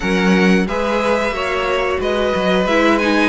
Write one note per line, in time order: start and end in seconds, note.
0.00 0.66 F#3
0.00 0.66 C#4
0.00 0.64 A#4
0.00 0.67 F#5
0.66 1.31 G#3
0.66 1.32 G#4
0.66 1.34 B4
0.66 2.00 E5
1.31 1.97 A#3
1.31 2.66 F#4
1.31 1.99 C#5
1.99 2.33 G#3
1.99 3.29 B4
1.99 2.67 D#5
2.35 2.66 F#3
2.66 3.29 G#3
2.66 3.00 E4
2.66 2.98 E5
2.98 3.29 D#4
2.98 3.29 G#5